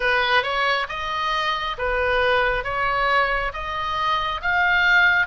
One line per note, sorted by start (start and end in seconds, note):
0.00 0.42 B4
0.42 0.86 C#5
0.88 1.76 D#5
1.78 2.64 B4
2.64 3.52 C#5
3.53 4.41 D#5
4.41 5.27 F5